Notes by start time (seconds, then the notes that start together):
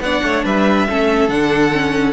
0.00 B3 D4 D5 F#5
0.22 A3 C#5
0.44 G3 B4 E5
0.88 A3 C#4 A4
1.27 D3 D4 F#5
1.71 C#4